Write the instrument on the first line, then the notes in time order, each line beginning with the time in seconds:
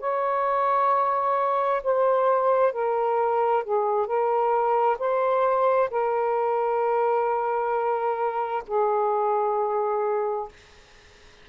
saxophone
0.00 C#5
1.83 C5
2.73 A#4
3.64 G#4
4.07 A#4
4.99 C5
5.90 A#4
8.67 G#4